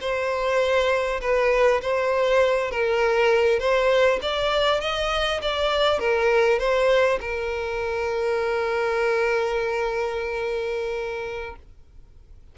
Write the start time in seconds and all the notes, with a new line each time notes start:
0.00 C5
1.21 B4
1.81 C5
2.71 A#4
3.59 C5
4.21 D5
4.80 D#5
5.41 D5
5.99 A#4
6.58 C5
7.20 A#4